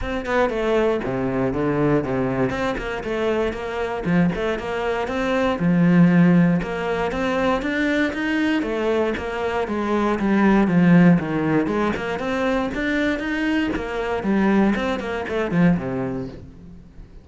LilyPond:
\new Staff \with { instrumentName = "cello" } { \time 4/4 \tempo 4 = 118 c'8 b8 a4 c4 d4 | c4 c'8 ais8 a4 ais4 | f8 a8 ais4 c'4 f4~ | f4 ais4 c'4 d'4 |
dis'4 a4 ais4 gis4 | g4 f4 dis4 gis8 ais8 | c'4 d'4 dis'4 ais4 | g4 c'8 ais8 a8 f8 c4 | }